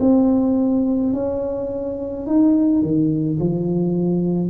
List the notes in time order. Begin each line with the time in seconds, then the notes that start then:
0.00 C4
1.13 C#4
2.26 D#4
2.82 D#3
3.40 F3